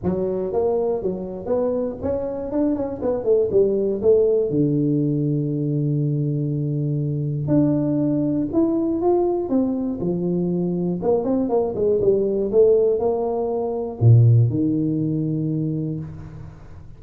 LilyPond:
\new Staff \with { instrumentName = "tuba" } { \time 4/4 \tempo 4 = 120 fis4 ais4 fis4 b4 | cis'4 d'8 cis'8 b8 a8 g4 | a4 d2.~ | d2. d'4~ |
d'4 e'4 f'4 c'4 | f2 ais8 c'8 ais8 gis8 | g4 a4 ais2 | ais,4 dis2. | }